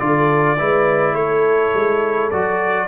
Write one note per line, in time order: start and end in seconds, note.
0.00 0.58 D3
0.00 0.58 F4
0.00 0.58 A4
0.00 1.15 D5
0.59 1.14 G#3
0.59 2.32 E4
0.59 1.13 B4
1.13 1.72 A3
1.13 2.87 A4
1.13 2.31 C#5
1.75 2.32 G#3
2.31 2.88 F#3
2.31 2.88 F#4
2.31 2.88 D5